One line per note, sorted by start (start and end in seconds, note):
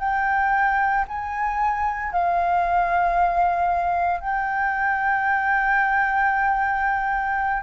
0.00 1.05 G5
1.08 2.12 G#5
2.12 4.21 F5
4.21 7.63 G5